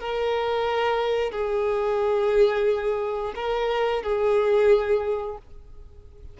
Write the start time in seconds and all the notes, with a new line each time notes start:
0.00 A#4
1.31 G#4
3.35 A#4
4.03 G#4